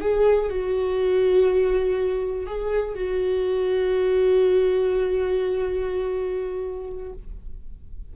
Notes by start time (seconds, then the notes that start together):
0.00 G#4
0.49 F#4
2.46 G#4
2.94 F#4